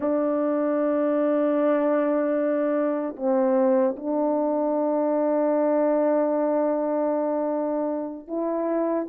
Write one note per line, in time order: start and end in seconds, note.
0.00 3.15 D4
3.16 3.95 C4
3.96 8.27 D4
8.27 9.06 E4